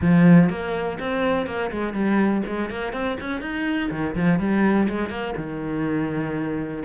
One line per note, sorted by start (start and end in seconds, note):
0.01 0.49 F3
0.49 0.98 A#3
0.99 1.46 C4
1.46 1.70 A#3
1.71 1.93 G#3
1.93 2.42 G3
2.46 2.70 G#3
2.70 2.92 A#3
2.92 3.17 C4
3.20 3.41 C#4
3.41 3.90 D#4
3.90 4.15 D#3
4.15 4.39 F3
4.39 4.88 G3
4.88 5.09 G#3
5.09 5.34 A#3
5.36 6.83 D#3